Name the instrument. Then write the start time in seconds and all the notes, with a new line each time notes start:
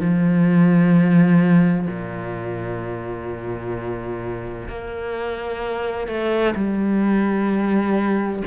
cello
0.00 F3
1.87 A#2
4.69 A#3
6.07 A3
6.55 G3